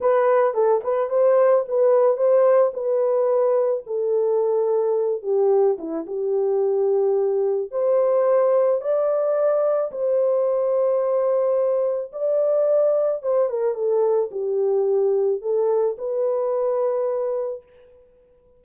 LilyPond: \new Staff \with { instrumentName = "horn" } { \time 4/4 \tempo 4 = 109 b'4 a'8 b'8 c''4 b'4 | c''4 b'2 a'4~ | a'4. g'4 e'8 g'4~ | g'2 c''2 |
d''2 c''2~ | c''2 d''2 | c''8 ais'8 a'4 g'2 | a'4 b'2. | }